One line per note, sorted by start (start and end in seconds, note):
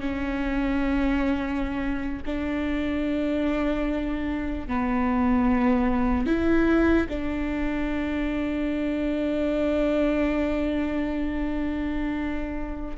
0.00 2.23 C#4
2.26 4.68 D4
4.68 6.27 B3
6.27 7.08 E4
7.09 12.97 D4